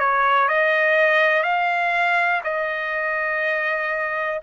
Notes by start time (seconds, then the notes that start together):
0.00 C#5
0.49 D#5
1.44 F5
2.45 D#5